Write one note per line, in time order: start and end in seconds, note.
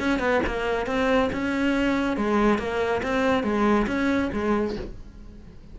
0.00 0.20 C#4
0.20 0.41 B3
0.47 0.87 A#3
0.87 1.30 C4
1.33 2.17 C#4
2.17 2.59 G#3
2.59 3.02 A#3
3.04 3.44 C4
3.44 3.87 G#3
3.88 4.31 C#4
4.33 4.77 G#3